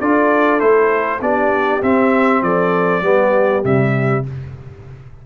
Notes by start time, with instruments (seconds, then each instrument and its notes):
0.00 tuba D4, trombone F4, horn A4, trumpet D5
0.60 tuba A3, trombone E4, trumpet C5
1.21 tuba B3, trombone D4, horn G4, trumpet D5
1.83 tuba C4, trombone C4, trumpet E5
2.42 tuba F3, horn A4, trumpet D5
3.02 tuba G3, trombone B3, horn G4
3.63 tuba C3, trombone G3, trumpet E5